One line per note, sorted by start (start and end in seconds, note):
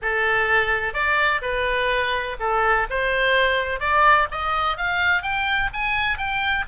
0.02 0.93 A4
0.93 1.41 D5
1.41 2.37 B4
2.39 2.87 A4
2.89 3.80 C5
3.80 4.27 D5
4.31 4.77 D#5
4.77 5.22 F5
5.22 5.70 G5
5.73 6.17 G#5
6.17 6.65 G5